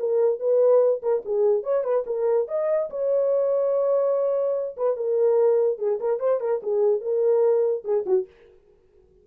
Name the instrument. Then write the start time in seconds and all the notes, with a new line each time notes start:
horn
0.00 A#4
0.40 B4
1.03 A#4
1.26 G#4
1.64 C#5
1.84 B4
2.07 A#4
2.49 D#5
2.90 C#5
4.77 B4
4.97 A#4
5.79 G#4
6.01 A#4
6.20 C5
6.41 A#4
6.63 G#4
7.01 A#4
7.85 G#4
8.07 F#4